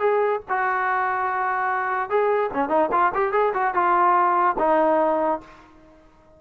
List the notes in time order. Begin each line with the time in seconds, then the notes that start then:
0.00 G#4
0.50 F#4
2.10 G#4
2.54 C#4
2.69 D#4
2.92 F4
3.15 G4
3.33 G#4
3.54 F#4
3.75 F4
4.59 D#4